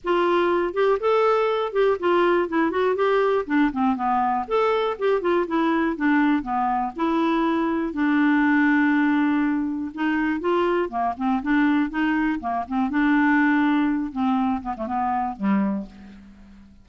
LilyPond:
\new Staff \with { instrumentName = "clarinet" } { \time 4/4 \tempo 4 = 121 f'4. g'8 a'4. g'8 | f'4 e'8 fis'8 g'4 d'8 c'8 | b4 a'4 g'8 f'8 e'4 | d'4 b4 e'2 |
d'1 | dis'4 f'4 ais8 c'8 d'4 | dis'4 ais8 c'8 d'2~ | d'8 c'4 b16 a16 b4 g4 | }